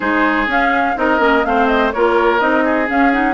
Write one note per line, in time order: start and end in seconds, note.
0.00 0.47 G#3
0.00 0.46 D#4
0.00 0.96 G#4
0.00 0.48 C5
0.47 0.95 C#4
0.47 0.96 C#4
0.47 0.97 F5
0.96 1.19 C4
0.96 1.19 D#4
0.96 1.45 A#4
0.96 1.45 D#5
1.19 1.43 A#3
1.19 1.43 C#4
1.45 1.93 A3
1.45 1.93 C4
1.45 1.94 C5
1.45 1.67 F5
1.67 1.91 D#5
1.91 2.41 A#3
1.91 2.39 F4
1.91 2.64 A#4
1.91 2.39 C#5
2.39 2.89 C4
2.39 2.86 D#4
2.39 2.87 D#5
2.64 3.34 G#4
2.86 3.10 C#4
2.86 3.34 C#4
2.86 3.12 F5
3.12 3.34 D#4
3.12 3.34 F#5